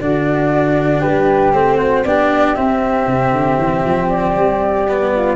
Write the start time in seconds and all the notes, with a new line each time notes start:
0.00 D3 D4 F#4 D5
1.00 G4 B4
1.06 G3
1.53 A3 C4 C5
1.77 F#4
2.04 B3 D4 G4 D5
2.54 C4 E5
3.06 C3
3.32 D3
3.58 E3
3.84 F3
4.09 D5
4.36 G3
4.88 B3
5.15 F4